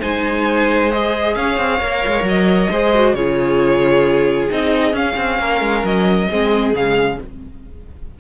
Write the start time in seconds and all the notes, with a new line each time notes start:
0.00 G#3 D#4 C5 G#5
0.91 G#4 D#5
1.35 C#4 C#5 F5
1.58 C4
1.81 A#3 A#4
2.07 G#3
2.22 F#3 D#5
2.70 G#3 G#4 C5
2.94 F#4
3.14 C#3 F4 G#4 C#5
4.50 C4 D#4 D#5
4.93 C#4 F5
5.17 C4
5.39 A#3 A#4
5.61 G#3
5.83 F#3 D#5
6.29 G#3 C4 G#4
6.73 C#3 G#3 F5